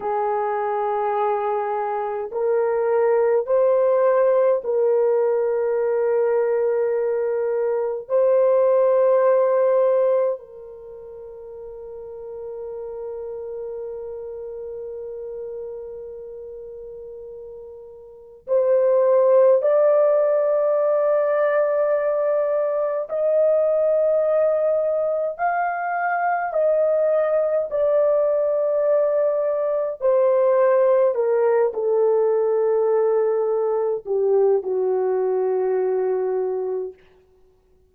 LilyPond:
\new Staff \with { instrumentName = "horn" } { \time 4/4 \tempo 4 = 52 gis'2 ais'4 c''4 | ais'2. c''4~ | c''4 ais'2.~ | ais'1 |
c''4 d''2. | dis''2 f''4 dis''4 | d''2 c''4 ais'8 a'8~ | a'4. g'8 fis'2 | }